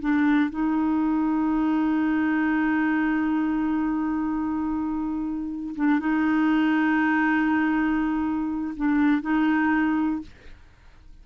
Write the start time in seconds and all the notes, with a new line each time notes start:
0.00 D4
0.50 D#4
5.76 D4
6.00 D#4
8.76 D4
9.22 D#4